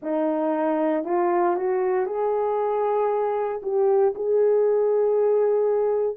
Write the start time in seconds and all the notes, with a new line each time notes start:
0.02 D#4
1.04 F4
1.56 F#4
2.05 G#4
3.62 G4
4.15 G#4